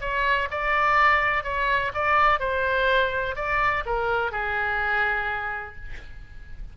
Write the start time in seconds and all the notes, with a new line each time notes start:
0.00 C#5
0.50 D5
1.44 C#5
1.94 D5
2.40 C5
3.35 D5
3.86 A#4
4.31 G#4